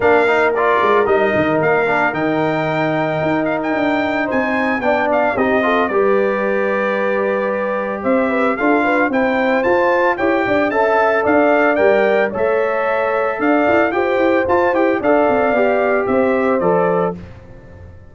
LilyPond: <<
  \new Staff \with { instrumentName = "trumpet" } { \time 4/4 \tempo 4 = 112 f''4 d''4 dis''4 f''4 | g''2~ g''8 f''16 g''4~ g''16 | gis''4 g''8 f''8 dis''4 d''4~ | d''2. e''4 |
f''4 g''4 a''4 g''4 | a''4 f''4 g''4 e''4~ | e''4 f''4 g''4 a''8 g''8 | f''2 e''4 d''4 | }
  \new Staff \with { instrumentName = "horn" } { \time 4/4 ais'1~ | ais'1 | c''4 d''4 g'8 a'8 b'4~ | b'2. c''8 b'8 |
a'8 b'8 c''2 cis''8 d''8 | e''4 d''2 cis''4~ | cis''4 d''4 c''2 | d''2 c''2 | }
  \new Staff \with { instrumentName = "trombone" } { \time 4/4 d'8 dis'8 f'4 dis'4. d'8 | dis'1~ | dis'4 d'4 dis'8 f'8 g'4~ | g'1 |
f'4 e'4 f'4 g'4 | a'2 ais'4 a'4~ | a'2 g'4 f'8 g'8 | a'4 g'2 a'4 | }
  \new Staff \with { instrumentName = "tuba" } { \time 4/4 ais4. gis8 g8 dis8 ais4 | dis2 dis'4 d'4 | c'4 b4 c'4 g4~ | g2. c'4 |
d'4 c'4 f'4 e'8 d'8 | cis'4 d'4 g4 a4~ | a4 d'8 e'8 f'8 e'8 f'8 e'8 | d'8 c'8 b4 c'4 f4 | }
>>